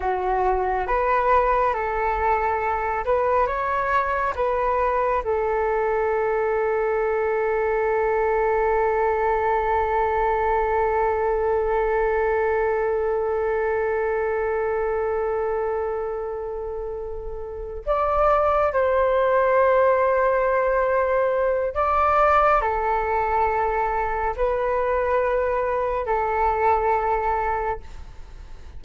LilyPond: \new Staff \with { instrumentName = "flute" } { \time 4/4 \tempo 4 = 69 fis'4 b'4 a'4. b'8 | cis''4 b'4 a'2~ | a'1~ | a'1~ |
a'1~ | a'8 d''4 c''2~ c''8~ | c''4 d''4 a'2 | b'2 a'2 | }